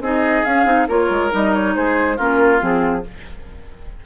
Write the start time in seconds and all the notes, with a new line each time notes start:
0.00 C4 D#4 G#4 D#5
0.45 C#4 F5
0.65 C4 D#4
0.87 A#3 F4 A#4 C#5
1.10 G#3
1.31 G3 D#4 D#5
1.54 C#5
1.75 G#3 G#4 C5
2.17 A#3 C#4 F4 A#4
2.59 F3 C4 G#4